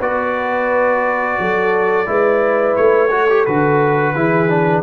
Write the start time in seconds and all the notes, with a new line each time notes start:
0.00 B3 F#4 B4 D5
1.38 F#3 A4
2.06 G#3 E4 B4
2.76 A3 C#5
3.10 F#4 A4
3.29 G4
3.45 D3 F#4 B4
4.14 E3 E4 G#4
4.49 D4